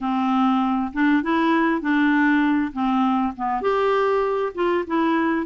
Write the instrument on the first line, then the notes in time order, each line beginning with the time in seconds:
clarinet
0.01 C4
0.93 D4
1.23 E4
1.81 D4
2.72 C4
3.36 B3
3.61 G4
4.54 F4
4.86 E4